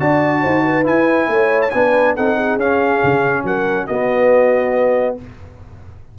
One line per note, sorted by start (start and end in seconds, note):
0.00 0.44 D4
0.00 0.84 F#4
0.00 0.42 D5
0.00 0.86 A5
0.42 0.87 D#4
0.42 0.63 C5
0.64 1.29 B4
0.84 1.70 E4
0.84 1.29 E4
0.84 1.62 G#5
1.29 1.72 A3
1.29 1.74 C#5
1.62 1.71 A5
1.71 2.18 B3
1.71 2.18 D4
1.71 2.17 B4
1.71 2.14 G#5
2.17 2.57 C4
2.17 2.60 D#4
2.17 2.37 A4
2.17 2.60 F#5
2.37 3.45 G#4
2.57 3.00 C#4
2.57 3.89 C#4
2.57 3.46 F5
3.04 3.44 C#3
3.44 3.87 F#3
3.44 3.87 A#4
3.44 3.87 F#5
3.87 5.18 B3
3.87 5.19 B3
3.87 5.16 F#4
3.87 5.17 D#5